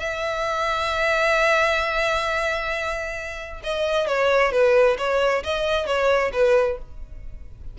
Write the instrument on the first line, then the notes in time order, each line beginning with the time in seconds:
violin
0.00 E5
3.64 D#5
4.08 C#5
4.52 B4
4.98 C#5
5.44 D#5
5.87 C#5
6.33 B4